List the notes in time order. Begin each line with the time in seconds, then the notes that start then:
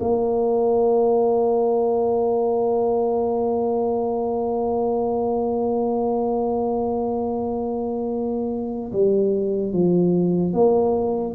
0.00 A#3
8.92 G3
9.73 F3
10.54 A#3